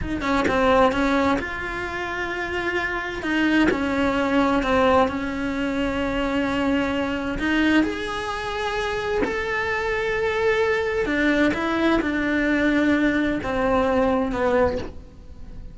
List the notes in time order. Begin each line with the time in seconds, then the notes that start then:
0.01 D#4
0.21 C#4
0.47 C4
0.91 C#4
1.38 F4
3.22 D#4
3.70 C#4
4.62 C4
5.07 C#4
7.38 D#4
7.83 G#4
9.24 A4
11.05 D4
11.54 E4
12.01 D4
13.43 C4
14.32 B3